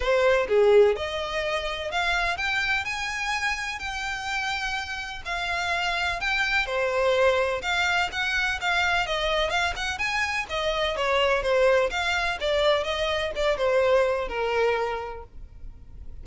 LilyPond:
\new Staff \with { instrumentName = "violin" } { \time 4/4 \tempo 4 = 126 c''4 gis'4 dis''2 | f''4 g''4 gis''2 | g''2. f''4~ | f''4 g''4 c''2 |
f''4 fis''4 f''4 dis''4 | f''8 fis''8 gis''4 dis''4 cis''4 | c''4 f''4 d''4 dis''4 | d''8 c''4. ais'2 | }